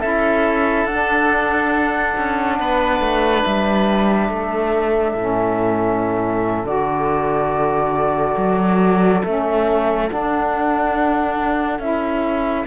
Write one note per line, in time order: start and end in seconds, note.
0.00 0.85 C#4
0.00 0.89 E4
0.00 2.57 A4
0.00 0.86 E5
0.85 2.14 D4
0.85 5.18 D4
0.85 3.44 F#5
2.18 2.60 C#4
2.60 3.00 B3
2.60 4.32 B4
3.00 3.43 A3
3.45 4.29 G3
3.45 6.66 E5
4.29 5.15 A3
4.29 12.67 A4
5.15 6.64 A2
5.15 6.66 C#4
6.64 8.36 D3
6.64 9.23 F#4
6.64 9.23 D5
8.37 9.22 F#3
9.24 10.11 A3
9.24 10.09 C#4
9.24 10.09 E5
10.09 11.80 D4
10.09 11.79 D4
10.09 11.80 F#5
11.79 12.65 C#4
11.79 12.66 E4
11.79 12.66 E5